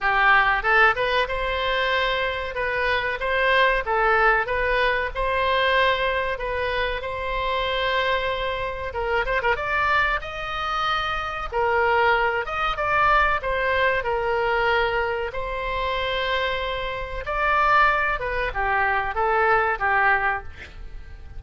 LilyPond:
\new Staff \with { instrumentName = "oboe" } { \time 4/4 \tempo 4 = 94 g'4 a'8 b'8 c''2 | b'4 c''4 a'4 b'4 | c''2 b'4 c''4~ | c''2 ais'8 c''16 ais'16 d''4 |
dis''2 ais'4. dis''8 | d''4 c''4 ais'2 | c''2. d''4~ | d''8 b'8 g'4 a'4 g'4 | }